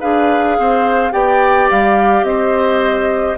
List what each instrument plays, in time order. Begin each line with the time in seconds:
0.00 bassoon D4, clarinet G#4, oboe B4, flute F5
0.58 bassoon C4, oboe C5
1.11 bassoon B3, clarinet G4, oboe D5, flute G5
1.70 bassoon G3, flute F5
2.23 bassoon C4, oboe C5, flute D#5